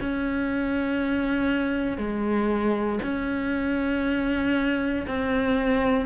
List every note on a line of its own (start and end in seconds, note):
0.00 1.97 C#4
1.97 2.99 G#3
3.02 5.06 C#4
5.07 6.06 C4